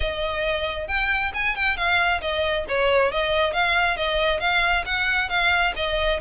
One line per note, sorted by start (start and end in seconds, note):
0.00 0.87 D#5
0.87 1.31 G5
1.34 1.55 G#5
1.55 1.76 G5
1.76 2.21 F5
2.21 2.65 D#5
2.68 3.11 C#5
3.11 3.53 D#5
3.53 3.96 F5
3.96 4.40 D#5
4.40 4.84 F5
4.85 5.29 F#5
5.29 5.73 F5
5.76 6.20 D#5